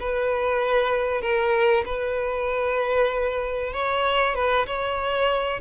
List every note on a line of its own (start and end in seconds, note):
0.00 1.22 B4
1.22 1.84 A#4
1.86 3.73 B4
3.73 4.35 C#5
4.35 4.66 B4
4.67 5.61 C#5